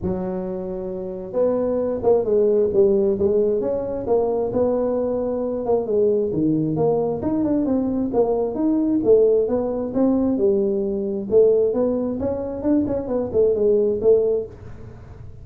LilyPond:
\new Staff \with { instrumentName = "tuba" } { \time 4/4 \tempo 4 = 133 fis2. b4~ | b8 ais8 gis4 g4 gis4 | cis'4 ais4 b2~ | b8 ais8 gis4 dis4 ais4 |
dis'8 d'8 c'4 ais4 dis'4 | a4 b4 c'4 g4~ | g4 a4 b4 cis'4 | d'8 cis'8 b8 a8 gis4 a4 | }